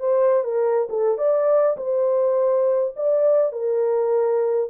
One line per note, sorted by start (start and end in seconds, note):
0.00 0.44 C5
0.44 0.88 A#4
0.90 1.18 A4
1.18 1.77 D5
1.77 2.95 C5
2.96 3.52 D5
3.52 4.70 A#4